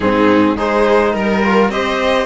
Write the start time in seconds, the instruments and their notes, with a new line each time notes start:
0.00 cello G#2, trombone C4, viola D#4, violin G#4
0.57 cello G#3, trombone D#4, viola G#4, violin C5
1.12 cello G3, viola A#4, violin A#4
1.43 trombone F4
1.69 cello C4, trombone G4, viola C5, violin D#5